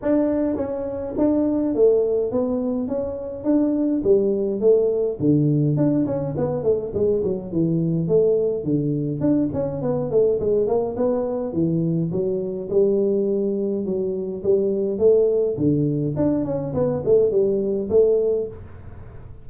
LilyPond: \new Staff \with { instrumentName = "tuba" } { \time 4/4 \tempo 4 = 104 d'4 cis'4 d'4 a4 | b4 cis'4 d'4 g4 | a4 d4 d'8 cis'8 b8 a8 | gis8 fis8 e4 a4 d4 |
d'8 cis'8 b8 a8 gis8 ais8 b4 | e4 fis4 g2 | fis4 g4 a4 d4 | d'8 cis'8 b8 a8 g4 a4 | }